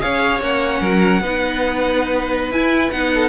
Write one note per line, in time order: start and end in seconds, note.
0.00 0.40 C#4
0.00 0.40 G#4
0.00 0.81 C#5
0.00 0.41 F5
0.40 0.80 A#3
0.40 1.22 C#4
0.40 2.51 F#5
0.80 1.20 F#3
0.80 1.21 A#4
1.20 2.50 B3
1.20 2.53 D#4
1.20 3.12 B4
2.50 2.90 E4
2.50 2.91 E4
2.50 2.91 G#5
2.91 3.29 B3
2.91 3.29 D#4
2.91 3.29 F#5
3.14 3.29 A4